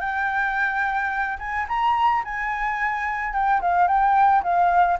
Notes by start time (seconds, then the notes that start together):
0.00 G5
1.39 G#5
1.68 A#5
2.24 G#5
3.33 G5
3.61 F5
3.87 G5
4.43 F5